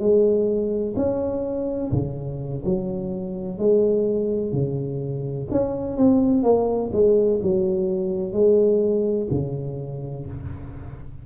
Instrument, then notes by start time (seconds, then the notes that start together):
tuba
0.00 G#3
0.97 C#4
1.92 C#3
2.65 F#3
3.59 G#3
4.53 C#3
5.52 C#4
5.97 C4
6.44 A#3
6.93 G#3
7.43 F#3
8.33 G#3
9.31 C#3